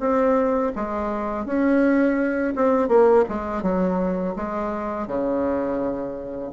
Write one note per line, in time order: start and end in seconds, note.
0.00 0.72 C4
0.75 1.46 G#3
1.46 2.54 C#4
2.56 2.88 C4
2.88 3.24 A#3
3.29 3.62 G#3
3.62 4.35 F#3
4.36 5.07 G#3
5.07 6.52 C#3